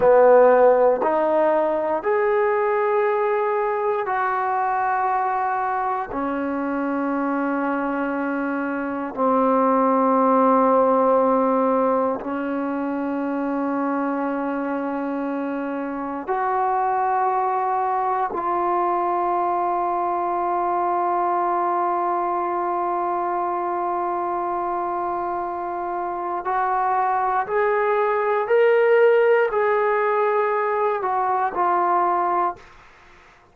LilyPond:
\new Staff \with { instrumentName = "trombone" } { \time 4/4 \tempo 4 = 59 b4 dis'4 gis'2 | fis'2 cis'2~ | cis'4 c'2. | cis'1 |
fis'2 f'2~ | f'1~ | f'2 fis'4 gis'4 | ais'4 gis'4. fis'8 f'4 | }